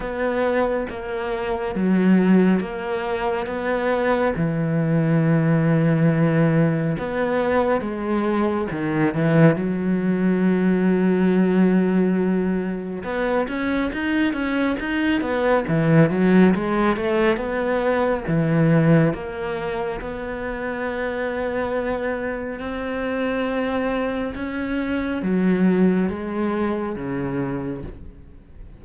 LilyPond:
\new Staff \with { instrumentName = "cello" } { \time 4/4 \tempo 4 = 69 b4 ais4 fis4 ais4 | b4 e2. | b4 gis4 dis8 e8 fis4~ | fis2. b8 cis'8 |
dis'8 cis'8 dis'8 b8 e8 fis8 gis8 a8 | b4 e4 ais4 b4~ | b2 c'2 | cis'4 fis4 gis4 cis4 | }